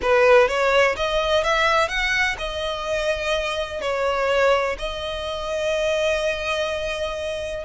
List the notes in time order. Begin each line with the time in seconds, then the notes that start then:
0.02 B4
0.48 C#5
0.96 D#5
1.43 E5
1.88 F#5
2.38 D#5
3.81 C#5
4.78 D#5